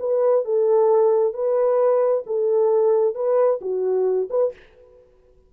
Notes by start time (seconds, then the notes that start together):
0.00 B4
0.45 A4
1.34 B4
2.27 A4
3.15 B4
3.61 F#4
4.30 B4